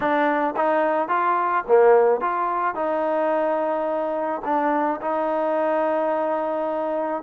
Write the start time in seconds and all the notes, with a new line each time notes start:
0.00 D4
0.56 D#4
1.08 F4
1.67 A#3
2.20 F4
2.74 D#4
4.44 D4
5.01 D#4